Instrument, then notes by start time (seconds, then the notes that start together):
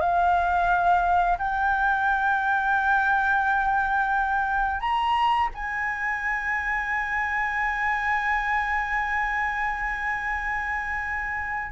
flute
0.00 F5
1.39 G5
4.80 A#5
5.54 G#5